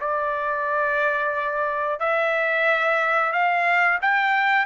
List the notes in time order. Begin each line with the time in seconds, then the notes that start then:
0.00 D5
1.99 E5
3.32 F5
4.02 G5